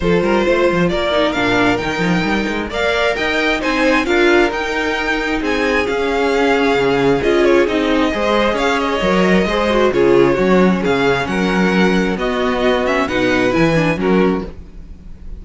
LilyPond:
<<
  \new Staff \with { instrumentName = "violin" } { \time 4/4 \tempo 4 = 133 c''2 d''4 f''4 | g''2 f''4 g''4 | gis''4 f''4 g''2 | gis''4 f''2. |
dis''8 cis''8 dis''2 f''8 dis''8~ | dis''2 cis''2 | f''4 fis''2 dis''4~ | dis''8 e''8 fis''4 gis''4 ais'4 | }
  \new Staff \with { instrumentName = "violin" } { \time 4/4 a'8 ais'8 c''4 ais'2~ | ais'2 d''4 dis''4 | c''4 ais'2. | gis'1~ |
gis'2 c''4 cis''4~ | cis''4 c''4 gis'4 fis'4 | gis'4 ais'2 fis'4~ | fis'4 b'2 fis'4 | }
  \new Staff \with { instrumentName = "viola" } { \time 4/4 f'2~ f'8 dis'8 d'4 | dis'2 ais'2 | dis'4 f'4 dis'2~ | dis'4 cis'2. |
f'4 dis'4 gis'2 | ais'4 gis'8 fis'8 f'4 cis'4~ | cis'2. b4~ | b8 cis'8 dis'4 e'8 d'8 cis'4 | }
  \new Staff \with { instrumentName = "cello" } { \time 4/4 f8 g8 a8 f8 ais4 ais,4 | dis8 f8 g8 gis8 ais4 dis'4 | c'4 d'4 dis'2 | c'4 cis'2 cis4 |
cis'4 c'4 gis4 cis'4 | fis4 gis4 cis4 fis4 | cis4 fis2 b4~ | b4 b,4 e4 fis4 | }
>>